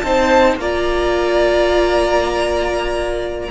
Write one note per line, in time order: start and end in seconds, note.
0.00 0.57 C4
0.00 0.59 D#4
0.00 0.60 C5
0.00 0.56 A5
0.57 3.48 A#3
0.57 3.51 F4
0.57 3.51 D5
0.57 3.51 A#5